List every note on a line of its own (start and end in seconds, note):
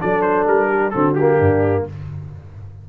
0.00 0.47 F#3
0.00 0.92 D4
0.00 0.69 A4
0.00 0.22 D5
0.22 0.45 C5
0.47 0.93 G3
0.47 0.90 A#4
0.69 0.92 G4
0.90 1.40 D3
0.90 1.16 C4
0.90 1.38 F#4
0.90 1.14 A4
1.15 1.89 A#3
1.15 1.84 G4
1.38 1.86 G2
1.38 1.84 D4